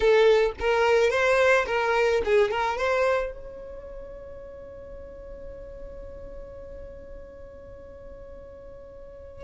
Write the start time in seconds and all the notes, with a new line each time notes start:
0.00 A4
0.59 A#4
1.10 C5
1.66 A#4
2.24 G#4
2.51 A#4
2.77 C5
3.32 C#5